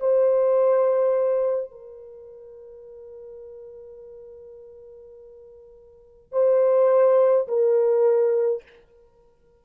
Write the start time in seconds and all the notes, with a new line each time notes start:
0.00 C5
1.72 A#4
6.32 C5
7.48 A#4